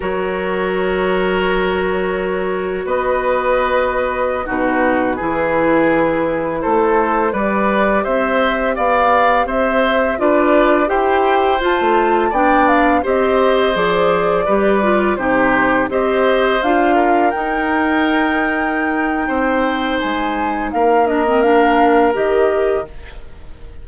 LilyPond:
<<
  \new Staff \with { instrumentName = "flute" } { \time 4/4 \tempo 4 = 84 cis''1 | dis''2~ dis''16 b'4.~ b'16~ | b'4~ b'16 c''4 d''4 e''8.~ | e''16 f''4 e''4 d''4 g''8.~ |
g''16 a''4 g''8 f''8 dis''4 d''8.~ | d''4~ d''16 c''4 dis''4 f''8.~ | f''16 g''2.~ g''8. | gis''4 f''8 dis''8 f''4 dis''4 | }
  \new Staff \with { instrumentName = "oboe" } { \time 4/4 ais'1 | b'2~ b'16 fis'4 gis'8.~ | gis'4~ gis'16 a'4 b'4 c''8.~ | c''16 d''4 c''4 b'4 c''8.~ |
c''4~ c''16 d''4 c''4.~ c''16~ | c''16 b'4 g'4 c''4. ais'16~ | ais'2. c''4~ | c''4 ais'2. | }
  \new Staff \with { instrumentName = "clarinet" } { \time 4/4 fis'1~ | fis'2~ fis'16 dis'4 e'8.~ | e'2~ e'16 g'4.~ g'16~ | g'2~ g'16 f'4 g'8.~ |
g'16 f'4 d'4 g'4 gis'8.~ | gis'16 g'8 f'8 dis'4 g'4 f'8.~ | f'16 dis'2.~ dis'8.~ | dis'4. d'16 c'16 d'4 g'4 | }
  \new Staff \with { instrumentName = "bassoon" } { \time 4/4 fis1 | b2~ b16 b,4 e8.~ | e4~ e16 a4 g4 c'8.~ | c'16 b4 c'4 d'4 e'8.~ |
e'16 f'16 a8. b4 c'4 f8.~ | f16 g4 c4 c'4 d'8.~ | d'16 dis'2~ dis'8. c'4 | gis4 ais2 dis4 | }
>>